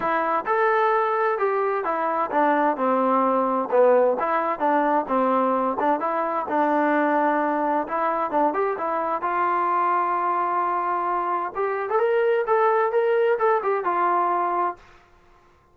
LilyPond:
\new Staff \with { instrumentName = "trombone" } { \time 4/4 \tempo 4 = 130 e'4 a'2 g'4 | e'4 d'4 c'2 | b4 e'4 d'4 c'4~ | c'8 d'8 e'4 d'2~ |
d'4 e'4 d'8 g'8 e'4 | f'1~ | f'4 g'8. a'16 ais'4 a'4 | ais'4 a'8 g'8 f'2 | }